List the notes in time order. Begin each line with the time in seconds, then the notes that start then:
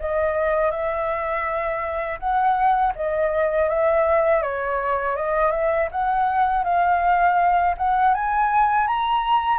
0.00 D#5
0.71 E5
2.20 F#5
2.95 D#5
3.69 E5
4.42 C#5
5.16 D#5
5.52 E5
5.92 F#5
6.64 F5
7.77 F#5
8.14 G#5
8.88 A#5